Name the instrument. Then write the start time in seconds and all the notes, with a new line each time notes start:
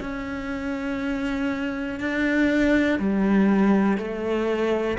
cello
0.00 C#4
1.99 D4
2.99 G3
3.97 A3